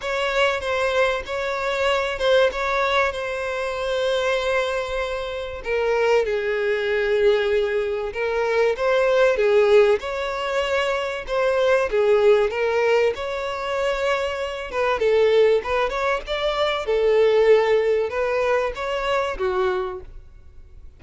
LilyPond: \new Staff \with { instrumentName = "violin" } { \time 4/4 \tempo 4 = 96 cis''4 c''4 cis''4. c''8 | cis''4 c''2.~ | c''4 ais'4 gis'2~ | gis'4 ais'4 c''4 gis'4 |
cis''2 c''4 gis'4 | ais'4 cis''2~ cis''8 b'8 | a'4 b'8 cis''8 d''4 a'4~ | a'4 b'4 cis''4 fis'4 | }